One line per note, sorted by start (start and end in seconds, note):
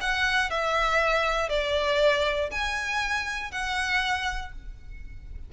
0.00 0.50 F#5
0.50 1.49 E5
1.49 2.50 D5
2.50 3.51 G#5
3.51 4.52 F#5